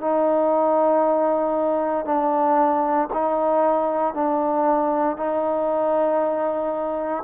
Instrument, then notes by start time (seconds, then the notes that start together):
trombone
0.00 D#4
2.05 D4
3.13 D#4
4.13 D4
5.16 D#4